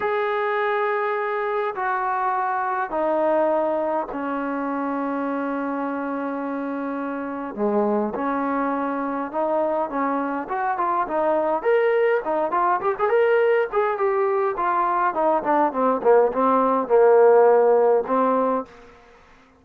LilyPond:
\new Staff \with { instrumentName = "trombone" } { \time 4/4 \tempo 4 = 103 gis'2. fis'4~ | fis'4 dis'2 cis'4~ | cis'1~ | cis'4 gis4 cis'2 |
dis'4 cis'4 fis'8 f'8 dis'4 | ais'4 dis'8 f'8 g'16 gis'16 ais'4 gis'8 | g'4 f'4 dis'8 d'8 c'8 ais8 | c'4 ais2 c'4 | }